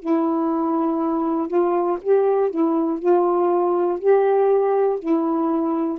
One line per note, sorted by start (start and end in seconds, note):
0.00 1.49 E4
1.49 1.99 F4
2.02 2.51 G4
2.51 3.00 E4
3.00 4.00 F4
4.00 5.00 G4
5.00 5.99 E4